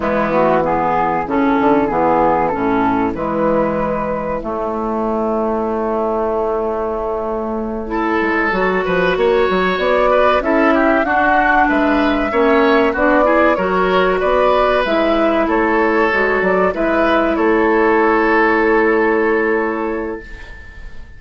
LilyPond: <<
  \new Staff \with { instrumentName = "flute" } { \time 4/4 \tempo 4 = 95 e'8 fis'8 gis'4 a'4 gis'4 | a'4 b'2 cis''4~ | cis''1~ | cis''2.~ cis''8 d''8~ |
d''8 e''4 fis''4 e''4.~ | e''8 d''4 cis''4 d''4 e''8~ | e''8 cis''4. d''8 e''4 cis''8~ | cis''1 | }
  \new Staff \with { instrumentName = "oboe" } { \time 4/4 b4 e'2.~ | e'1~ | e'1~ | e'8 a'4. b'8 cis''4. |
b'8 a'8 g'8 fis'4 b'4 cis''8~ | cis''8 fis'8 gis'8 ais'4 b'4.~ | b'8 a'2 b'4 a'8~ | a'1 | }
  \new Staff \with { instrumentName = "clarinet" } { \time 4/4 gis8 a8 b4 cis'4 b4 | cis'4 gis2 a4~ | a1~ | a8 e'4 fis'2~ fis'8~ |
fis'8 e'4 d'2 cis'8~ | cis'8 d'8 e'8 fis'2 e'8~ | e'4. fis'4 e'4.~ | e'1 | }
  \new Staff \with { instrumentName = "bassoon" } { \time 4/4 e2 cis8 d8 e4 | a,4 e2 a4~ | a1~ | a4 gis8 fis8 f8 ais8 fis8 b8~ |
b8 cis'4 d'4 gis4 ais8~ | ais8 b4 fis4 b4 gis8~ | gis8 a4 gis8 fis8 gis4 a8~ | a1 | }
>>